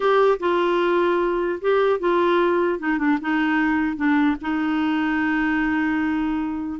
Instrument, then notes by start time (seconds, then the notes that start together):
clarinet
0.00 G4
0.39 F4
1.61 G4
1.99 F4
2.79 D#4
2.98 D4
3.21 D#4
3.96 D4
4.41 D#4